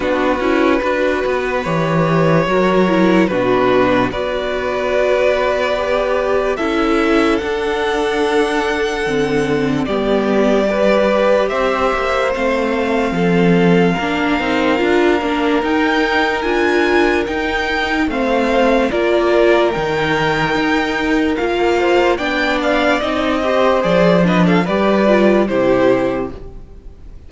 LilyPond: <<
  \new Staff \with { instrumentName = "violin" } { \time 4/4 \tempo 4 = 73 b'2 cis''2 | b'4 d''2. | e''4 fis''2. | d''2 e''4 f''4~ |
f''2. g''4 | gis''4 g''4 f''4 d''4 | g''2 f''4 g''8 f''8 | dis''4 d''8 dis''16 f''16 d''4 c''4 | }
  \new Staff \with { instrumentName = "violin" } { \time 4/4 fis'4 b'2 ais'4 | fis'4 b'2. | a'1 | g'4 b'4 c''2 |
a'4 ais'2.~ | ais'2 c''4 ais'4~ | ais'2~ ais'8 c''8 d''4~ | d''8 c''4 b'16 a'16 b'4 g'4 | }
  \new Staff \with { instrumentName = "viola" } { \time 4/4 d'8 e'8 fis'4 g'4 fis'8 e'8 | d'4 fis'2 g'4 | e'4 d'2 c'4 | b4 g'2 c'4~ |
c'4 d'8 dis'8 f'8 d'8 dis'4 | f'4 dis'4 c'4 f'4 | dis'2 f'4 d'4 | dis'8 g'8 gis'8 d'8 g'8 f'8 e'4 | }
  \new Staff \with { instrumentName = "cello" } { \time 4/4 b8 cis'8 d'8 b8 e4 fis4 | b,4 b2. | cis'4 d'2 d4 | g2 c'8 ais8 a4 |
f4 ais8 c'8 d'8 ais8 dis'4 | d'4 dis'4 a4 ais4 | dis4 dis'4 ais4 b4 | c'4 f4 g4 c4 | }
>>